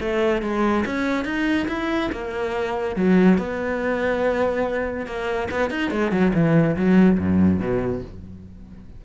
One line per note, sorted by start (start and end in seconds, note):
0.00 0.42 A3
0.42 0.84 G#3
0.86 1.25 C#4
1.25 1.67 D#4
1.68 2.10 E4
2.12 2.96 A#3
2.96 3.38 F#3
3.38 5.06 B3
5.06 5.49 A#3
5.51 5.70 B3
5.70 5.91 D#4
5.91 6.11 G#3
6.11 6.32 F#3
6.34 6.76 E3
6.76 7.19 F#3
7.19 7.60 F#2
7.60 8.02 B2